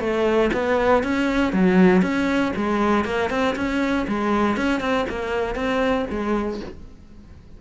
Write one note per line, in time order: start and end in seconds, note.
0.00 0.50 A3
0.53 1.03 B3
1.03 1.53 C#4
1.53 2.02 F#3
2.02 2.52 C#4
2.56 3.05 G#3
3.05 3.30 A#3
3.30 3.55 C4
3.55 4.06 C#4
4.07 4.57 G#3
4.57 4.80 C#4
4.80 5.05 C4
5.09 5.55 A#3
5.55 6.05 C4
6.10 6.60 G#3